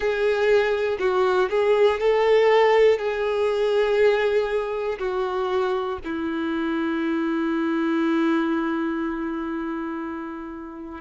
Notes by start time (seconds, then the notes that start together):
0.00 G#4
0.99 F#4
1.50 G#4
2.00 A4
2.98 G#4
4.98 F#4
6.04 E4